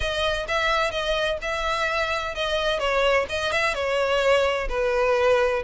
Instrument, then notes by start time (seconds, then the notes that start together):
violin
0.00 D#5
0.48 E5
0.91 D#5
1.41 E5
2.34 D#5
2.79 C#5
3.29 D#5
3.52 E5
3.74 C#5
4.69 B4